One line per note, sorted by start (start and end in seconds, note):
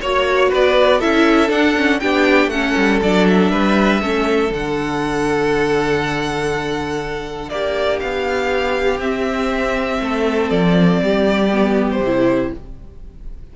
0.00 0.52 A#3
0.00 1.01 F#4
0.00 0.49 C#5
0.00 0.51 C#5
0.49 1.03 B3
0.49 0.99 B4
0.49 1.00 D5
0.99 1.50 C#4
0.99 1.48 E4
0.99 1.99 A4
0.99 1.50 E5
1.48 1.73 D4
1.48 2.00 D4
1.48 2.00 F#5
1.76 2.01 C#4
2.00 2.47 B3
2.00 2.52 D4
2.00 2.52 G4
2.00 2.49 G5
2.47 2.72 A3
2.47 3.02 C#4
2.47 3.51 A4
2.47 2.99 F#5
2.77 3.02 G3
3.02 3.51 F#3
3.02 4.02 D4
3.02 3.27 D5
3.28 4.53 E5
3.51 4.01 G3
3.51 4.01 B4
4.01 4.51 A3
4.01 4.51 C#4
4.01 7.51 A4
4.51 7.50 D3
4.51 9.00 D4
4.51 7.49 F#5
7.49 8.00 A#3
7.49 10.02 G4
7.49 7.99 D5
8.00 9.00 B3
8.00 9.00 F5
9.00 10.00 C4
9.00 11.50 C4
9.00 10.50 E5
10.01 10.51 A3
10.01 11.02 A4
10.50 11.01 F3
10.50 11.88 D5
11.02 12.00 G3
11.02 12.52 G4
11.53 12.03 B3
11.91 12.53 C5
12.00 12.50 C3
12.00 12.56 E4